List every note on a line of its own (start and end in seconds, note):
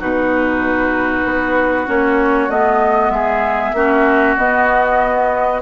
0.00 1.25 B2
0.00 1.87 D#4
0.00 3.13 F#4
0.00 1.89 B4
1.25 1.87 B3
1.87 2.49 A#3
1.87 2.50 C#4
1.87 2.50 C#5
2.49 3.10 A3
2.49 3.76 B3
2.49 3.11 D#5
3.10 3.72 G#3
3.10 3.76 G#4
3.10 4.36 E5
3.73 4.36 A#3
3.73 4.38 C#4
3.73 5.62 F#4
4.37 5.62 B3
4.37 5.62 D#5